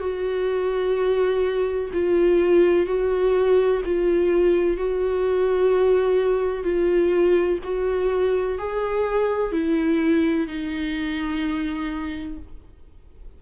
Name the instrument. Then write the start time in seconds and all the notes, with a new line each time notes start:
viola
0.00 F#4
1.94 F4
2.87 F#4
3.85 F4
4.77 F#4
6.64 F4
7.64 F#4
8.58 G#4
9.52 E4
10.48 D#4